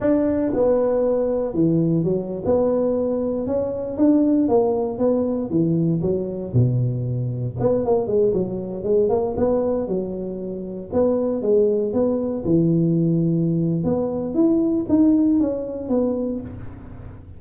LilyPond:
\new Staff \with { instrumentName = "tuba" } { \time 4/4 \tempo 4 = 117 d'4 b2 e4 | fis8. b2 cis'4 d'16~ | d'8. ais4 b4 e4 fis16~ | fis8. b,2 b8 ais8 gis16~ |
gis16 fis4 gis8 ais8 b4 fis8.~ | fis4~ fis16 b4 gis4 b8.~ | b16 e2~ e8. b4 | e'4 dis'4 cis'4 b4 | }